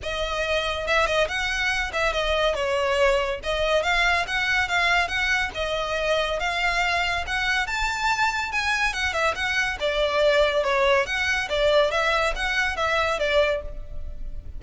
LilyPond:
\new Staff \with { instrumentName = "violin" } { \time 4/4 \tempo 4 = 141 dis''2 e''8 dis''8 fis''4~ | fis''8 e''8 dis''4 cis''2 | dis''4 f''4 fis''4 f''4 | fis''4 dis''2 f''4~ |
f''4 fis''4 a''2 | gis''4 fis''8 e''8 fis''4 d''4~ | d''4 cis''4 fis''4 d''4 | e''4 fis''4 e''4 d''4 | }